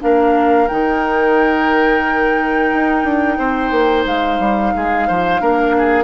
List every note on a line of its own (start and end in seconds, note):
0.00 0.70 A#3
0.00 0.67 D4
0.00 3.38 A#4
0.00 0.68 F5
0.68 2.73 D#3
0.68 5.40 D#4
0.68 4.05 G5
2.73 3.04 D#4
3.04 3.38 D4
3.38 3.71 C4
3.38 4.73 C5
3.71 4.05 A#3
4.06 4.39 G#3
4.06 6.04 F5
4.39 4.73 G3
4.76 5.09 G#3
4.76 5.08 G#4
5.08 5.41 F3
5.08 5.41 C5
5.40 6.04 A#3
5.40 6.04 D4
5.40 5.75 A#4
5.78 6.04 G#4